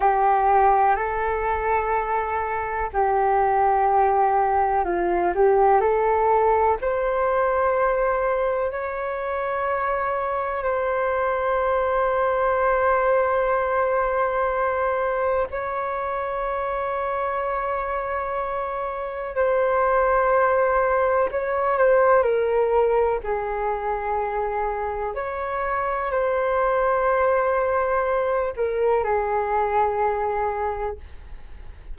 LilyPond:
\new Staff \with { instrumentName = "flute" } { \time 4/4 \tempo 4 = 62 g'4 a'2 g'4~ | g'4 f'8 g'8 a'4 c''4~ | c''4 cis''2 c''4~ | c''1 |
cis''1 | c''2 cis''8 c''8 ais'4 | gis'2 cis''4 c''4~ | c''4. ais'8 gis'2 | }